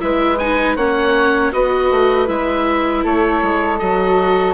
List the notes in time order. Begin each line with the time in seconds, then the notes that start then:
0.00 G#3 E4 B4 E5
0.38 D#4 G#5
0.76 A#3 C#4 C#5 F#5
1.52 B3 F#4 B4 D#5
1.91 A3
2.27 G#3 E4 E5
3.04 A3 A4 C#5
3.42 G#3
3.78 F#3 F#4 D#5